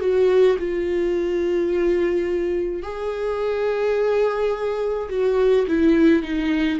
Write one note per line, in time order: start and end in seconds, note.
0.00 0.57 F#4
0.58 2.82 F4
2.82 5.08 G#4
5.09 5.66 F#4
5.67 6.22 E4
6.22 6.79 D#4